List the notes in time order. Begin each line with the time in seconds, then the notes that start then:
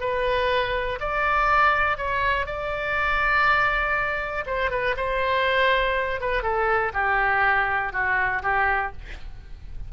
0.00 B4
1.00 D5
1.97 C#5
2.46 D5
4.46 C5
4.71 B4
4.97 C5
6.21 B4
6.43 A4
6.94 G4
7.92 F#4
8.43 G4